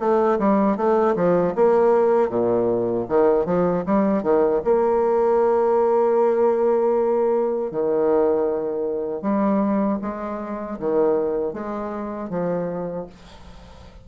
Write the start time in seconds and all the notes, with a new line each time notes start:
0.00 A3
0.39 G3
0.77 A3
1.16 F3
1.55 A#3
2.29 A#2
3.09 D#3
3.46 F3
3.86 G3
4.23 D#3
4.65 A#3
7.71 D#3
9.22 G3
10.02 G#3
10.79 D#3
11.53 G#3
12.29 F3